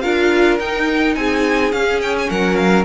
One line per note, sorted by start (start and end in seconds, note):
0.00 0.59 D4
0.00 0.59 F4
0.00 1.15 A#4
0.00 0.57 F5
0.59 1.15 D#4
0.59 1.72 D#4
0.59 1.15 G5
1.15 1.72 C4
1.15 2.29 G#4
1.15 1.71 G#5
1.72 2.85 C#4
1.72 2.29 C#4
1.72 2.00 F5
2.01 2.15 G5
2.18 2.30 G#5
2.29 2.85 F#3
2.29 2.85 A#4
2.29 2.55 F#5
2.55 2.84 F5